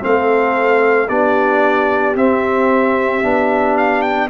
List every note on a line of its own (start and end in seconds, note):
0.00 1.09 A3
0.00 1.07 C4
0.00 1.08 A4
0.00 1.08 F5
1.08 2.15 B3
1.08 2.15 D4
1.08 4.29 G4
1.08 2.15 D5
2.15 3.22 C4
2.15 3.77 E5
3.22 4.29 B3
3.22 4.29 D4
3.77 4.02 F5
4.02 4.28 G5